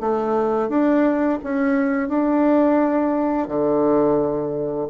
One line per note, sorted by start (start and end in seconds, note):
0.00 0.68 A3
0.68 1.38 D4
1.43 2.08 C#4
2.08 3.48 D4
3.48 4.87 D3